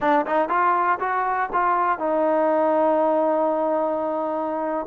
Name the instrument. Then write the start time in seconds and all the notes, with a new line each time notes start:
trombone
0.00 D4
0.26 D#4
0.48 F4
0.99 F#4
1.52 F4
1.98 D#4